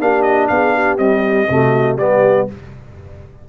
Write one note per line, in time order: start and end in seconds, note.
0.00 0.50 A#3
0.00 0.99 D4
0.00 0.50 G4
0.00 0.22 F5
0.22 0.47 D#5
0.48 0.98 B3
0.48 0.74 G#4
0.48 0.98 F5
0.74 1.49 G4
0.98 1.48 G3
0.98 1.48 C4
0.98 1.97 D#5
1.49 1.96 C3
1.49 1.99 A3
1.49 1.99 F#4
1.96 2.46 G3
1.96 2.48 B3
1.96 2.49 G4
1.96 2.47 D5